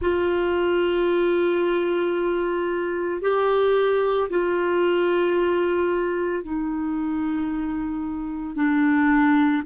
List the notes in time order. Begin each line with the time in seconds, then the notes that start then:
0.01 F4
3.21 G4
4.29 F4
6.43 D#4
8.55 D4